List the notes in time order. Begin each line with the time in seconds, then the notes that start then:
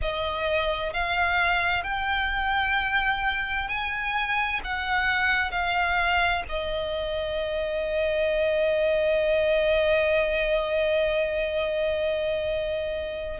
0.01 D#5
0.93 F5
1.83 G5
3.68 G#5
4.64 F#5
5.51 F5
6.48 D#5